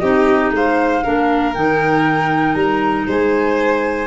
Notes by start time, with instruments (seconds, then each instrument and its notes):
0.00 tuba C4, clarinet D#4, violin G4, flute D#5
0.51 tuba G#3, violin C5, flute F5
1.04 tuba A#3, clarinet D4, violin A#4
1.55 tuba D#3, clarinet D#4, flute G5
2.55 tuba G3, flute A#5
3.07 tuba G#3, violin C5, flute G#5